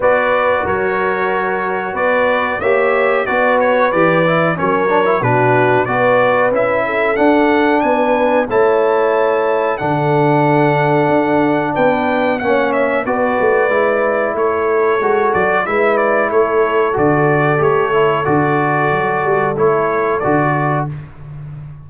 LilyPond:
<<
  \new Staff \with { instrumentName = "trumpet" } { \time 4/4 \tempo 4 = 92 d''4 cis''2 d''4 | e''4 d''8 cis''8 d''4 cis''4 | b'4 d''4 e''4 fis''4 | gis''4 a''2 fis''4~ |
fis''2 g''4 fis''8 e''8 | d''2 cis''4. d''8 | e''8 d''8 cis''4 d''4 cis''4 | d''2 cis''4 d''4 | }
  \new Staff \with { instrumentName = "horn" } { \time 4/4 b'4 ais'2 b'4 | cis''4 b'2 ais'4 | fis'4 b'4. a'4. | b'4 cis''2 a'4~ |
a'2 b'4 cis''4 | b'2 a'2 | b'4 a'2.~ | a'1 | }
  \new Staff \with { instrumentName = "trombone" } { \time 4/4 fis'1 | g'4 fis'4 g'8 e'8 cis'8 d'16 e'16 | d'4 fis'4 e'4 d'4~ | d'4 e'2 d'4~ |
d'2. cis'4 | fis'4 e'2 fis'4 | e'2 fis'4 g'8 e'8 | fis'2 e'4 fis'4 | }
  \new Staff \with { instrumentName = "tuba" } { \time 4/4 b4 fis2 b4 | ais4 b4 e4 fis4 | b,4 b4 cis'4 d'4 | b4 a2 d4~ |
d4 d'4 b4 ais4 | b8 a8 gis4 a4 gis8 fis8 | gis4 a4 d4 a4 | d4 fis8 g8 a4 d4 | }
>>